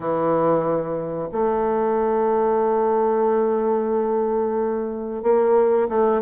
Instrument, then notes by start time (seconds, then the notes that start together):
bassoon
0.00 E3
1.32 A3
5.22 A#3
5.88 A3